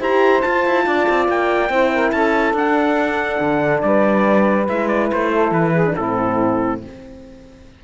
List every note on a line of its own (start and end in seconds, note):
0.00 0.43 E4
0.00 0.43 G4
0.00 0.85 C5
0.00 0.42 A#5
0.42 1.71 F4
0.42 0.67 F4
0.42 1.27 A5
0.67 0.87 E4
0.87 1.08 D4
0.87 1.71 D5
1.09 1.29 C4
1.29 1.70 A#3
1.29 2.12 G5
1.70 2.12 C4
1.70 2.56 E4
1.70 1.92 C5
1.94 2.15 A#4
2.12 2.54 C#4
2.12 3.85 A4
2.12 2.55 A5
2.54 3.39 D4
2.54 4.69 D4
2.54 3.82 F#5
3.41 3.83 D3
3.82 4.69 G3
3.82 5.33 B4
3.82 4.67 D5
4.69 5.12 G#3
4.69 5.86 E4
4.69 4.88 E5
4.88 5.10 D5
5.13 5.52 A3
5.13 5.54 C5
5.33 5.73 A4
5.52 5.95 E3
5.52 5.96 B4
5.73 5.95 G#4
5.86 5.97 D4
5.96 6.85 A2
5.96 6.83 C4
5.96 6.81 E4
5.96 6.81 A4